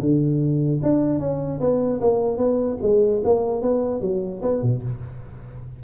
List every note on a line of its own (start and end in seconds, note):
0.00 0.81 D3
0.82 1.19 D4
1.19 1.59 C#4
1.60 2.00 B3
2.00 2.37 A#3
2.37 2.77 B3
2.82 3.22 G#3
3.24 3.62 A#3
3.62 4.01 B3
4.01 4.41 F#3
4.42 4.62 B3
4.62 4.82 B2